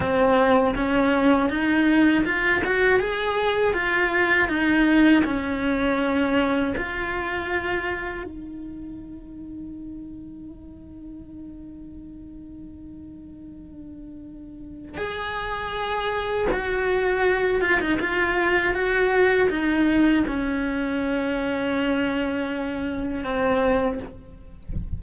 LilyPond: \new Staff \with { instrumentName = "cello" } { \time 4/4 \tempo 4 = 80 c'4 cis'4 dis'4 f'8 fis'8 | gis'4 f'4 dis'4 cis'4~ | cis'4 f'2 dis'4~ | dis'1~ |
dis'1 | gis'2 fis'4. f'16 dis'16 | f'4 fis'4 dis'4 cis'4~ | cis'2. c'4 | }